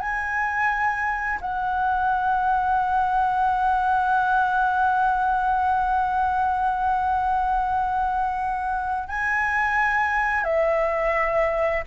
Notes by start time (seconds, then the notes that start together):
0.00 G#5
1.41 F#5
9.09 G#5
10.44 E5